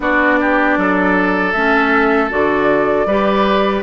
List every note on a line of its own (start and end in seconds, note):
0.00 0.77 B3
0.00 1.54 D4
0.00 0.39 F#4
0.00 1.52 D5
0.40 0.78 G4
0.77 1.53 F#3
0.77 3.07 A4
1.52 2.30 A3
1.52 2.29 C#4
1.52 2.29 E5
2.29 3.05 D3
2.29 3.06 F#4
2.29 3.82 D5
3.05 3.82 G3
3.05 3.82 G4
3.05 3.82 B4